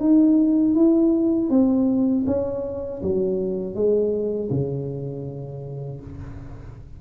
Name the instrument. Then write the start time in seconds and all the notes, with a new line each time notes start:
tuba
0.00 D#4
0.75 E4
1.50 C4
2.27 C#4
3.03 F#3
3.75 G#3
4.51 C#3